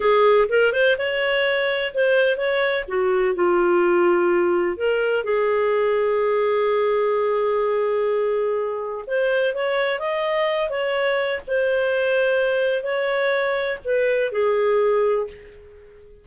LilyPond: \new Staff \with { instrumentName = "clarinet" } { \time 4/4 \tempo 4 = 126 gis'4 ais'8 c''8 cis''2 | c''4 cis''4 fis'4 f'4~ | f'2 ais'4 gis'4~ | gis'1~ |
gis'2. c''4 | cis''4 dis''4. cis''4. | c''2. cis''4~ | cis''4 b'4 gis'2 | }